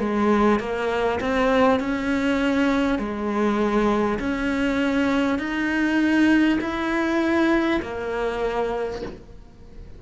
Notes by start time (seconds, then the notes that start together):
0.00 G#3
0.59 A#3
1.21 C4
1.79 C#4
2.99 G#3
4.19 C#4
5.39 D#4
6.61 E4
7.82 A#3